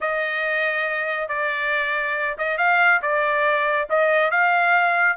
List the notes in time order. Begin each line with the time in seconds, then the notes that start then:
0.00 D#5
1.28 D5
2.38 D#5
2.57 F5
3.02 D5
3.89 D#5
4.30 F5